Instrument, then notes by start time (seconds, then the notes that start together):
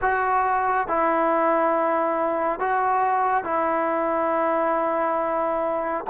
trombone
0.01 F#4
0.87 E4
2.59 F#4
3.43 E4